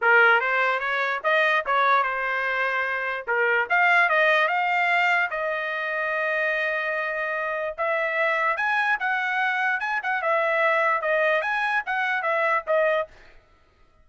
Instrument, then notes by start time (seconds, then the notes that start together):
trumpet
0.01 A#4
0.40 C5
0.79 C#5
1.23 D#5
1.65 C#5
2.03 C5
3.27 A#4
3.69 F5
4.09 D#5
4.48 F5
5.30 D#5
7.77 E5
8.56 G#5
8.99 F#5
9.79 G#5
10.02 F#5
10.22 E5
11.01 D#5
11.41 G#5
11.86 F#5
12.22 E5
12.66 D#5